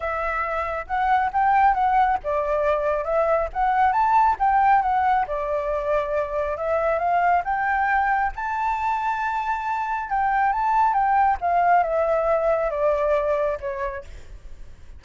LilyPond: \new Staff \with { instrumentName = "flute" } { \time 4/4 \tempo 4 = 137 e''2 fis''4 g''4 | fis''4 d''2 e''4 | fis''4 a''4 g''4 fis''4 | d''2. e''4 |
f''4 g''2 a''4~ | a''2. g''4 | a''4 g''4 f''4 e''4~ | e''4 d''2 cis''4 | }